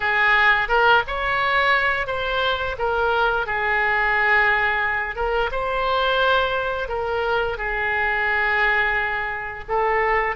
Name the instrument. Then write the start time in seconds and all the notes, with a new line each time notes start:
oboe
0.00 G#4
0.68 A#4
1.07 C#5
2.07 C5
2.78 A#4
3.46 G#4
5.15 A#4
5.51 C5
6.88 A#4
7.57 G#4
9.68 A4